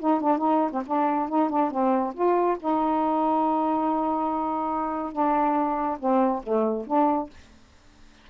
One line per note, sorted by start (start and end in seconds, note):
0.00 0.21 D#4
0.21 0.39 D4
0.39 0.71 D#4
0.72 0.83 C4
0.87 1.29 D4
1.29 1.50 D#4
1.50 1.71 D4
1.71 2.14 C4
2.15 2.58 F4
2.60 5.13 D#4
5.13 5.99 D4
6.00 6.43 C4
6.44 6.87 A3
6.87 7.30 D4